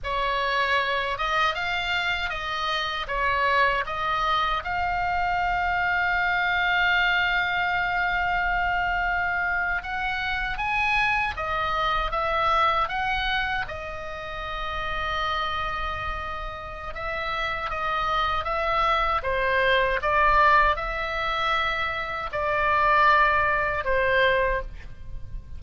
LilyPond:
\new Staff \with { instrumentName = "oboe" } { \time 4/4 \tempo 4 = 78 cis''4. dis''8 f''4 dis''4 | cis''4 dis''4 f''2~ | f''1~ | f''8. fis''4 gis''4 dis''4 e''16~ |
e''8. fis''4 dis''2~ dis''16~ | dis''2 e''4 dis''4 | e''4 c''4 d''4 e''4~ | e''4 d''2 c''4 | }